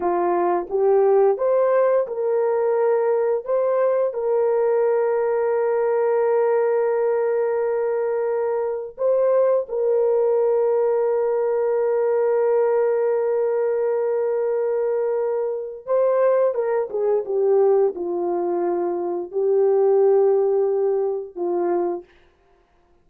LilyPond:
\new Staff \with { instrumentName = "horn" } { \time 4/4 \tempo 4 = 87 f'4 g'4 c''4 ais'4~ | ais'4 c''4 ais'2~ | ais'1~ | ais'4 c''4 ais'2~ |
ais'1~ | ais'2. c''4 | ais'8 gis'8 g'4 f'2 | g'2. f'4 | }